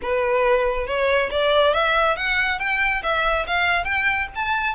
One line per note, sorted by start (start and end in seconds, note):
0.02 0.86 B4
0.86 1.29 C#5
1.30 1.73 D5
1.73 2.16 E5
2.16 2.59 F#5
2.59 3.02 G5
3.02 3.45 E5
3.46 3.84 F5
3.84 4.27 G5
4.35 4.74 A5